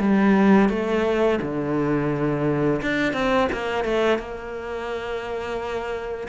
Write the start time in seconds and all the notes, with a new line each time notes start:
0.00 G3
0.70 A3
1.42 D3
2.82 D4
3.14 C4
3.53 A#3
3.85 A3
4.19 A#3